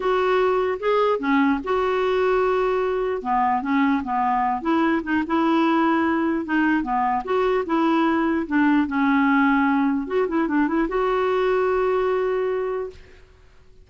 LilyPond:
\new Staff \with { instrumentName = "clarinet" } { \time 4/4 \tempo 4 = 149 fis'2 gis'4 cis'4 | fis'1 | b4 cis'4 b4. e'8~ | e'8 dis'8 e'2. |
dis'4 b4 fis'4 e'4~ | e'4 d'4 cis'2~ | cis'4 fis'8 e'8 d'8 e'8 fis'4~ | fis'1 | }